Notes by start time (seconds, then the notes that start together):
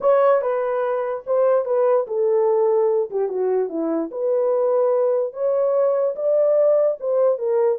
0.00 C#5
0.41 B4
1.26 C5
1.65 B4
2.07 A4
3.10 G4
3.28 F#4
3.69 E4
4.11 B4
5.33 C#5
6.15 D5
7.00 C5
7.38 A#4